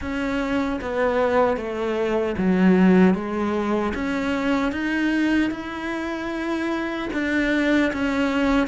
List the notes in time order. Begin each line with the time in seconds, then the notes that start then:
0.01 C#4
0.81 B3
1.56 A3
2.37 F#3
3.14 G#3
3.94 C#4
4.72 D#4
5.50 E4
7.13 D4
7.92 C#4